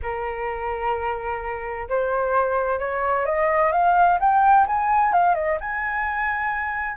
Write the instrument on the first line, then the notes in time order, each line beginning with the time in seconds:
flute
0.02 A#4
1.88 C5
2.79 C#5
3.25 D#5
3.72 F5
4.19 G5
4.66 G#5
5.12 F5
5.35 D#5
5.60 G#5